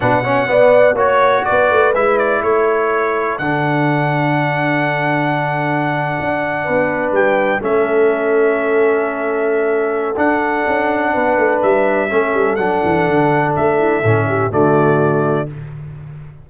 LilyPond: <<
  \new Staff \with { instrumentName = "trumpet" } { \time 4/4 \tempo 4 = 124 fis''2 cis''4 d''4 | e''8 d''8 cis''2 fis''4~ | fis''1~ | fis''2~ fis''8. g''4 e''16~ |
e''1~ | e''4 fis''2. | e''2 fis''2 | e''2 d''2 | }
  \new Staff \with { instrumentName = "horn" } { \time 4/4 b'8 cis''8 d''4 cis''4 b'4~ | b'4 a'2.~ | a'1~ | a'4.~ a'16 b'2 a'16~ |
a'1~ | a'2. b'4~ | b'4 a'2.~ | a'8 e'8 a'8 g'8 fis'2 | }
  \new Staff \with { instrumentName = "trombone" } { \time 4/4 d'8 cis'8 b4 fis'2 | e'2. d'4~ | d'1~ | d'2.~ d'8. cis'16~ |
cis'1~ | cis'4 d'2.~ | d'4 cis'4 d'2~ | d'4 cis'4 a2 | }
  \new Staff \with { instrumentName = "tuba" } { \time 4/4 b,4 b4 ais4 b8 a8 | gis4 a2 d4~ | d1~ | d8. d'4 b4 g4 a16~ |
a1~ | a4 d'4 cis'4 b8 a8 | g4 a8 g8 fis8 e8 d4 | a4 a,4 d2 | }
>>